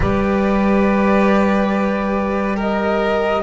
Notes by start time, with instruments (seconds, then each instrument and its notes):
0.00 double bass G3, cello G4, violin B4, flute D5
2.56 violin A#4, flute D#5